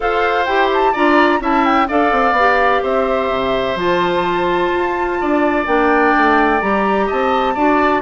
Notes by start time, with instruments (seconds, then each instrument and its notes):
0.00 bassoon F4, clarinet A4, oboe C5, flute F5
0.45 bassoon E4, clarinet G4, flute G5
0.73 flute A5
0.92 bassoon D4, clarinet F4, oboe D5, flute A#5
1.40 bassoon C#4, clarinet E4, oboe E5, flute A5
1.64 flute G5
1.88 bassoon D4, clarinet A4, oboe D5, flute F5
2.11 bassoon C4
2.31 bassoon B3
2.39 clarinet G4
2.82 bassoon C4, oboe C5, flute E5
3.29 bassoon C3
3.75 bassoon F3, clarinet F4, flute A5
4.75 bassoon F4
5.20 bassoon D4, oboe D5
5.66 bassoon A#3, clarinet D4, flute G5
6.17 bassoon A3
6.60 bassoon G3, clarinet G4, flute A#5
7.06 bassoon C4, oboe D#5, flute A5
7.54 bassoon D4, clarinet F#4, oboe D5